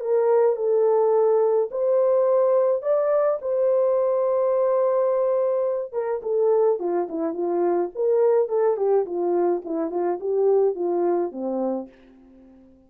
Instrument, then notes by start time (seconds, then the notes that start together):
horn
0.00 A#4
0.56 A4
1.71 C5
2.82 D5
3.41 C5
5.93 A#4
6.23 A4
6.80 F4
7.09 E4
7.33 F4
7.95 A#4
8.49 A4
8.77 G4
9.06 F4
9.65 E4
9.91 F4
10.20 G4
10.75 F4
11.32 C4